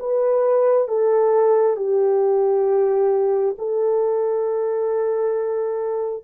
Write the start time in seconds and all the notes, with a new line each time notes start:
0.00 B4
0.88 A4
1.77 G4
3.58 A4